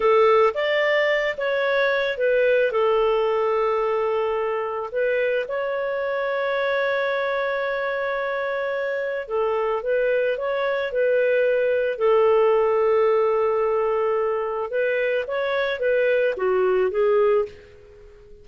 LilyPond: \new Staff \with { instrumentName = "clarinet" } { \time 4/4 \tempo 4 = 110 a'4 d''4. cis''4. | b'4 a'2.~ | a'4 b'4 cis''2~ | cis''1~ |
cis''4 a'4 b'4 cis''4 | b'2 a'2~ | a'2. b'4 | cis''4 b'4 fis'4 gis'4 | }